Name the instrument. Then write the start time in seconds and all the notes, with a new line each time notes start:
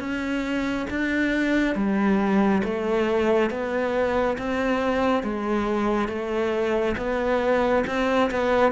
cello
0.00 C#4
0.90 D4
1.75 G3
2.64 A3
3.51 B3
4.38 C4
5.23 G#3
6.09 A3
6.98 B3
7.87 C4
8.31 B3